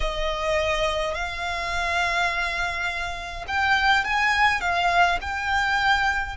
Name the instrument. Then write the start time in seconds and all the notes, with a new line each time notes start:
violin
0.00 D#5
1.14 F5
3.47 G5
4.04 G#5
4.60 F5
5.21 G5